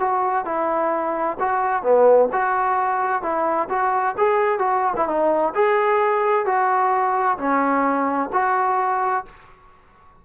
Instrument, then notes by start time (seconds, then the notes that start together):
trombone
0.00 F#4
0.46 E4
1.40 F#4
1.83 B3
2.33 F#4
3.23 E4
3.69 F#4
4.18 G#4
4.59 F#4
4.97 E4
5.08 D#4
5.55 G#4
6.46 F#4
7.38 C#4
8.33 F#4